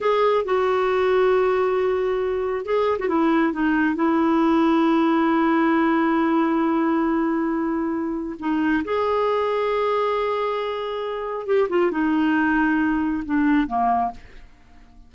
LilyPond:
\new Staff \with { instrumentName = "clarinet" } { \time 4/4 \tempo 4 = 136 gis'4 fis'2.~ | fis'2 gis'8. fis'16 e'4 | dis'4 e'2.~ | e'1~ |
e'2. dis'4 | gis'1~ | gis'2 g'8 f'8 dis'4~ | dis'2 d'4 ais4 | }